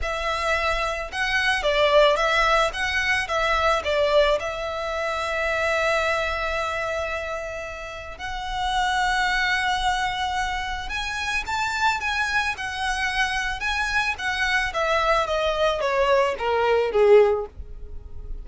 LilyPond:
\new Staff \with { instrumentName = "violin" } { \time 4/4 \tempo 4 = 110 e''2 fis''4 d''4 | e''4 fis''4 e''4 d''4 | e''1~ | e''2. fis''4~ |
fis''1 | gis''4 a''4 gis''4 fis''4~ | fis''4 gis''4 fis''4 e''4 | dis''4 cis''4 ais'4 gis'4 | }